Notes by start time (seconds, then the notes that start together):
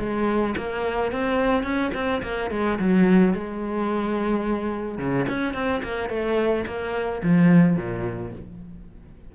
0.00 G#3
0.58 A#3
1.12 C4
1.64 C#4
1.95 C4
2.23 A#3
2.51 G#3
2.79 F#3
3.34 G#3
4.98 C#3
5.29 C#4
5.54 C4
5.84 A#3
6.10 A3
6.67 A#3
7.23 F3
7.77 A#2